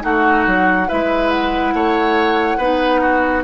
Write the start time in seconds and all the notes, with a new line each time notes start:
0.00 A3 D#4 F#4 F#5
0.46 F#3
0.88 G#3 E4 B4 E5
1.30 F#5
1.73 A3 C#5
2.57 B3 D#4 B4
3.01 F#4